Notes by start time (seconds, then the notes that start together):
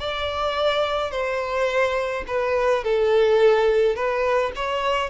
0.00 D5
1.12 C5
2.28 B4
2.84 A4
3.96 B4
4.56 C#5